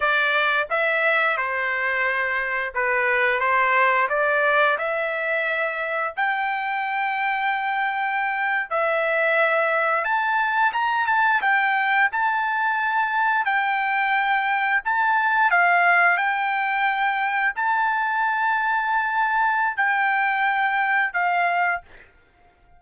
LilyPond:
\new Staff \with { instrumentName = "trumpet" } { \time 4/4 \tempo 4 = 88 d''4 e''4 c''2 | b'4 c''4 d''4 e''4~ | e''4 g''2.~ | g''8. e''2 a''4 ais''16~ |
ais''16 a''8 g''4 a''2 g''16~ | g''4.~ g''16 a''4 f''4 g''16~ | g''4.~ g''16 a''2~ a''16~ | a''4 g''2 f''4 | }